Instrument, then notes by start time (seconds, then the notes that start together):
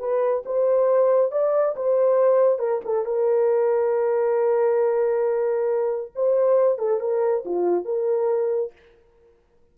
horn
0.00 B4
0.46 C5
1.32 D5
1.76 C5
2.59 A#4
2.85 A4
3.05 A#4
6.16 C5
6.79 A4
7.00 A#4
7.45 F4
7.85 A#4